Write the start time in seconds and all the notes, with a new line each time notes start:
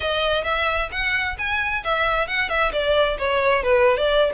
0.00 D#5
0.44 E5
0.91 F#5
1.38 G#5
1.83 E5
2.27 F#5
2.49 E5
2.72 D5
3.18 C#5
3.63 B4
3.97 D5